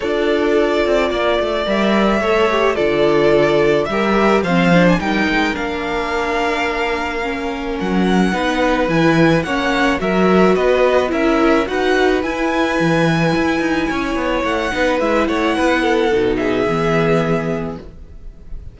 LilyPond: <<
  \new Staff \with { instrumentName = "violin" } { \time 4/4 \tempo 4 = 108 d''2. e''4~ | e''4 d''2 e''4 | f''8. gis''16 g''4 f''2~ | f''2 fis''2 |
gis''4 fis''4 e''4 dis''4 | e''4 fis''4 gis''2~ | gis''2 fis''4 e''8 fis''8~ | fis''4. e''2~ e''8 | }
  \new Staff \with { instrumentName = "violin" } { \time 4/4 a'2 d''2 | cis''4 a'2 ais'4 | c''4 ais'2.~ | ais'2. b'4~ |
b'4 cis''4 ais'4 b'4 | ais'4 b'2.~ | b'4 cis''4. b'4 cis''8 | b'8 a'4 gis'2~ gis'8 | }
  \new Staff \with { instrumentName = "viola" } { \time 4/4 f'2. ais'4 | a'8 g'8 f'2 g'4 | c'8 d'8 dis'4 d'2~ | d'4 cis'2 dis'4 |
e'4 cis'4 fis'2 | e'4 fis'4 e'2~ | e'2~ e'8 dis'8 e'4~ | e'4 dis'4 b2 | }
  \new Staff \with { instrumentName = "cello" } { \time 4/4 d'4. c'8 ais8 a8 g4 | a4 d2 g4 | f4 g8 gis8 ais2~ | ais2 fis4 b4 |
e4 ais4 fis4 b4 | cis'4 dis'4 e'4 e4 | e'8 dis'8 cis'8 b8 a8 b8 gis8 a8 | b4 b,4 e2 | }
>>